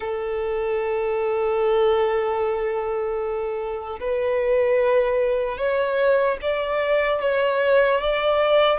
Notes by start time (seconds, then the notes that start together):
0.00 A4
4.00 B4
5.57 C#5
6.41 D5
7.21 C#5
8.00 D5